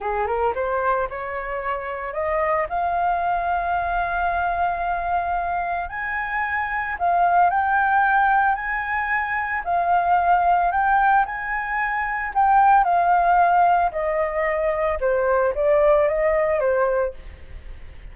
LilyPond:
\new Staff \with { instrumentName = "flute" } { \time 4/4 \tempo 4 = 112 gis'8 ais'8 c''4 cis''2 | dis''4 f''2.~ | f''2. gis''4~ | gis''4 f''4 g''2 |
gis''2 f''2 | g''4 gis''2 g''4 | f''2 dis''2 | c''4 d''4 dis''4 c''4 | }